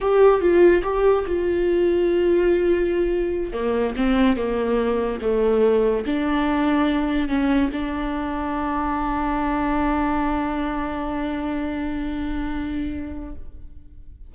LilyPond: \new Staff \with { instrumentName = "viola" } { \time 4/4 \tempo 4 = 144 g'4 f'4 g'4 f'4~ | f'1~ | f'8 ais4 c'4 ais4.~ | ais8 a2 d'4.~ |
d'4. cis'4 d'4.~ | d'1~ | d'1~ | d'1 | }